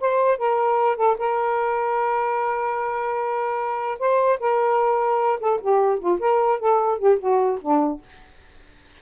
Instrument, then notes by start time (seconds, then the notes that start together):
saxophone
0.00 C5
0.38 A#4
0.96 A4
1.18 A#4
3.99 C5
4.40 A#4
5.40 A4
5.61 G4
5.99 F4
6.19 A#4
6.59 A4
6.98 G4
7.19 F#4
7.61 D4